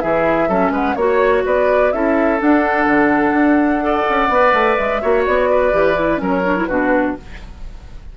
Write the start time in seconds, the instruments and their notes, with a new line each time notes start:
0.00 bassoon E3, clarinet E4, oboe G#4, flute E5
0.48 bassoon F#3, clarinet C#4, oboe A4
0.71 bassoon G#3, oboe B4, flute F#5
0.95 bassoon A#3, clarinet F#4, flute C#5, oboe C#5
1.46 bassoon B3, oboe B4, flute D5
1.92 bassoon C#4, clarinet E4, oboe A4, flute E5
2.38 clarinet D4, bassoon D4, flute F#5
2.86 bassoon D3
3.33 bassoon D4
3.81 clarinet A4, oboe D5
4.09 bassoon C#4
4.29 bassoon B3, clarinet B4
4.53 bassoon A3
4.76 bassoon G#3, flute E5
5.01 bassoon A#3, clarinet F#4, oboe C#5
5.26 bassoon B3, flute D5
5.50 oboe B4
5.72 bassoon E3, clarinet G4
5.94 clarinet E4
6.17 bassoon F#3, clarinet C#4, oboe A#4, flute C#5
6.45 clarinet D4
6.56 clarinet E4
6.66 bassoon B2, clarinet D4, oboe F#4, flute B4